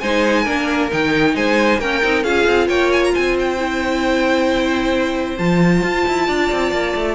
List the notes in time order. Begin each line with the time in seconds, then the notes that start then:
0.00 G#3 D#4 C5 G#5
0.43 A#3 D4 A#4
0.91 D#3 D#4 G5
1.36 G#3 C5 G#5
1.79 A#3 C#4 A#4 G5
2.03 C4 D#4
2.24 C#4 F4 G#4 F5
2.47 C4
2.68 A#3 C#5 G5
2.92 G#5
3.04 A#5
3.13 C4 C5 G#5
3.39 G5
3.58 E4
5.38 F3 F4 A5
5.83 F4
6.08 E4
6.27 D4 D5
6.52 C4
6.72 A#3
6.96 A3